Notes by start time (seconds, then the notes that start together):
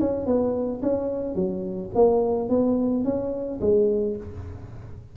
0.00 C#4
0.26 B3
0.82 C#4
1.35 F#3
1.95 A#3
2.49 B3
3.05 C#4
3.61 G#3